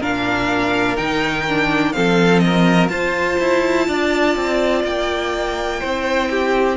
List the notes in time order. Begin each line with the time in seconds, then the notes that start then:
0.00 A#2 D4 A#4 F5
0.97 D#3 D#4 G5
1.48 D4
1.92 F3 C4 A4 F5
2.39 A#4 D#5
2.89 F4 C5 A5
3.40 E4
3.87 D4 D5
4.36 C4
4.84 A#3 G5
5.80 C4 E4 C5
6.30 G4